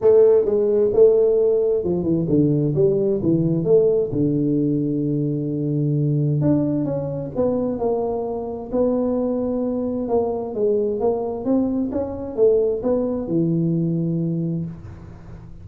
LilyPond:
\new Staff \with { instrumentName = "tuba" } { \time 4/4 \tempo 4 = 131 a4 gis4 a2 | f8 e8 d4 g4 e4 | a4 d2.~ | d2 d'4 cis'4 |
b4 ais2 b4~ | b2 ais4 gis4 | ais4 c'4 cis'4 a4 | b4 e2. | }